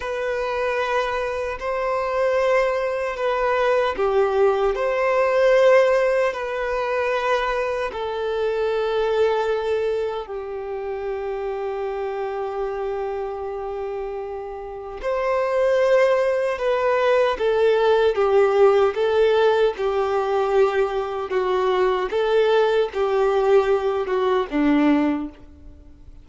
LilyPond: \new Staff \with { instrumentName = "violin" } { \time 4/4 \tempo 4 = 76 b'2 c''2 | b'4 g'4 c''2 | b'2 a'2~ | a'4 g'2.~ |
g'2. c''4~ | c''4 b'4 a'4 g'4 | a'4 g'2 fis'4 | a'4 g'4. fis'8 d'4 | }